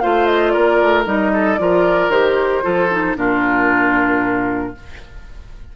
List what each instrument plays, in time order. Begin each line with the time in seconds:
0.00 bassoon A3, clarinet F4, oboe C5, flute F5
0.26 flute D#5
0.50 oboe A#4, flute D5
0.56 bassoon A#3
0.82 bassoon A3
1.05 bassoon G3, clarinet D#4, flute D#5
1.34 oboe A4
1.58 bassoon F3, clarinet F4, oboe A#4, flute D5
2.09 bassoon D#3, clarinet G4, flute C5
2.63 bassoon F3, clarinet F4, oboe A4
2.91 clarinet D#4
3.16 bassoon A#2, clarinet D4, oboe F4, flute A#4